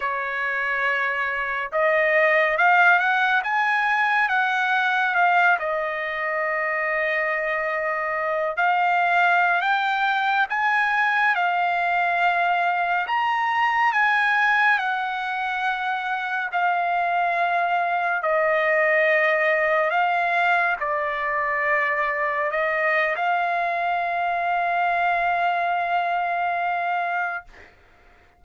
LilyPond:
\new Staff \with { instrumentName = "trumpet" } { \time 4/4 \tempo 4 = 70 cis''2 dis''4 f''8 fis''8 | gis''4 fis''4 f''8 dis''4.~ | dis''2 f''4~ f''16 g''8.~ | g''16 gis''4 f''2 ais''8.~ |
ais''16 gis''4 fis''2 f''8.~ | f''4~ f''16 dis''2 f''8.~ | f''16 d''2 dis''8. f''4~ | f''1 | }